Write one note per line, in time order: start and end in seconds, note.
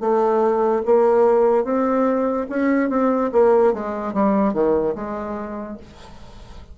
0.00 0.82 A3
0.86 1.64 A#3
1.64 2.46 C4
2.49 2.90 C#4
2.90 3.31 C4
3.32 3.73 A#3
3.73 4.13 G#3
4.13 4.53 G3
4.53 4.94 D#3
4.95 5.78 G#3